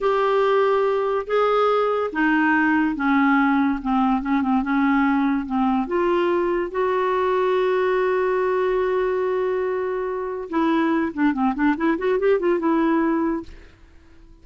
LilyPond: \new Staff \with { instrumentName = "clarinet" } { \time 4/4 \tempo 4 = 143 g'2. gis'4~ | gis'4 dis'2 cis'4~ | cis'4 c'4 cis'8 c'8 cis'4~ | cis'4 c'4 f'2 |
fis'1~ | fis'1~ | fis'4 e'4. d'8 c'8 d'8 | e'8 fis'8 g'8 f'8 e'2 | }